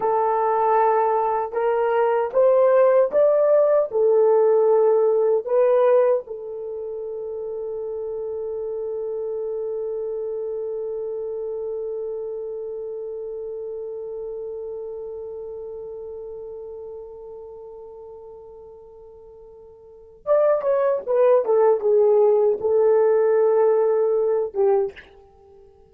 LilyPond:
\new Staff \with { instrumentName = "horn" } { \time 4/4 \tempo 4 = 77 a'2 ais'4 c''4 | d''4 a'2 b'4 | a'1~ | a'1~ |
a'1~ | a'1~ | a'2 d''8 cis''8 b'8 a'8 | gis'4 a'2~ a'8 g'8 | }